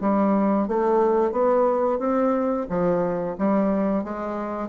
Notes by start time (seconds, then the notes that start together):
0.00 G3
0.67 A3
1.31 B3
1.99 C4
2.69 F3
3.38 G3
4.04 G#3